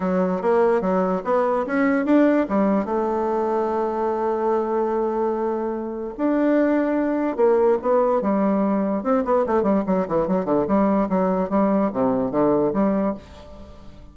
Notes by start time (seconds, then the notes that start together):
0.00 F#3
0.41 A#3
0.81 F#3
1.24 B3
1.66 C#4
2.05 D4
2.48 G3
2.85 A3
6.17 D4
7.36 A#3
7.82 B3
8.21 G3
9.03 C4
9.24 B3
9.46 A3
9.63 G3
9.86 F#3
10.08 E3
10.27 F#3
10.45 D3
10.67 G3
11.09 F#3
11.49 G3
11.92 C3
12.31 D3
12.73 G3